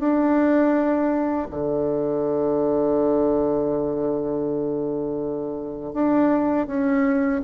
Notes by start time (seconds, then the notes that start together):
0.00 D4
1.51 D3
5.94 D4
6.68 C#4